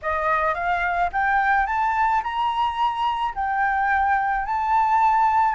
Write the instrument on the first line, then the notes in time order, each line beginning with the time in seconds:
flute
0.02 D#5
0.54 F5
1.12 G5
1.66 A5
2.23 A#5
3.35 G5
4.45 A5